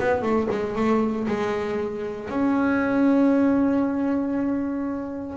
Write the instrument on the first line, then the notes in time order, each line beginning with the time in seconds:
double bass
0.00 B3
0.23 A3
0.51 G#3
0.76 A3
1.28 G#3
2.30 C#4